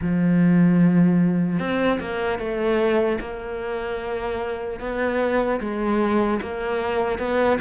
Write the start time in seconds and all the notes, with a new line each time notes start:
0.01 F3
1.59 C4
2.00 A#3
2.39 A3
3.20 A#3
4.80 B3
5.60 G#3
6.41 A#3
7.19 B3